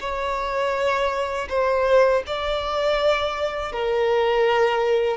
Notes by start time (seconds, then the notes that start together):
0.00 C#5
1.49 C5
2.27 D5
3.72 A#4